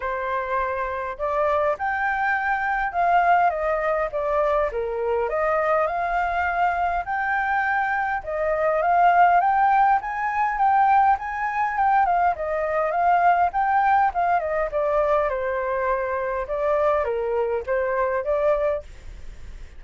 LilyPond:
\new Staff \with { instrumentName = "flute" } { \time 4/4 \tempo 4 = 102 c''2 d''4 g''4~ | g''4 f''4 dis''4 d''4 | ais'4 dis''4 f''2 | g''2 dis''4 f''4 |
g''4 gis''4 g''4 gis''4 | g''8 f''8 dis''4 f''4 g''4 | f''8 dis''8 d''4 c''2 | d''4 ais'4 c''4 d''4 | }